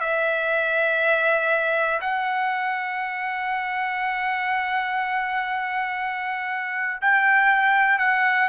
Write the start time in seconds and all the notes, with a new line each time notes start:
0.00 E5
2.01 F#5
7.02 G5
7.99 F#5